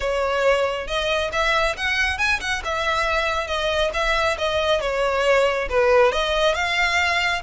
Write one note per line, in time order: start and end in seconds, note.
0.00 0.87 C#5
0.87 1.31 D#5
1.32 1.76 E5
1.76 2.18 F#5
2.18 2.40 G#5
2.40 2.62 F#5
2.64 3.47 E5
3.47 3.90 D#5
3.93 4.37 E5
4.38 4.80 D#5
4.80 5.68 C#5
5.69 6.12 B4
6.12 6.54 D#5
6.54 7.41 F5